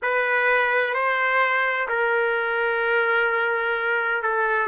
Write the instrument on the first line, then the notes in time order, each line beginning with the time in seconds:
trumpet
0.02 B4
0.94 C5
1.88 A#4
4.22 A4